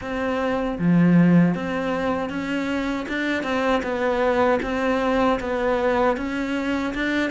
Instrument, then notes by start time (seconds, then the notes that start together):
cello
0.01 C4
0.78 F3
1.54 C4
2.29 C#4
3.08 D4
3.43 C4
3.82 B3
4.62 C4
5.40 B3
6.16 C#4
6.94 D4